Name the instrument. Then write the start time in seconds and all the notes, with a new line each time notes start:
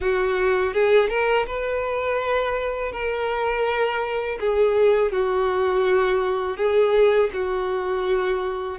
violin
0.00 F#4
0.73 G#4
1.09 A#4
1.46 B4
2.91 A#4
4.39 G#4
5.12 F#4
6.56 G#4
7.33 F#4